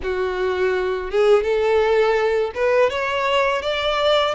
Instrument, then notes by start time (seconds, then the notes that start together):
violin
0.02 F#4
1.10 G#4
1.43 A4
2.54 B4
2.90 C#5
3.62 D5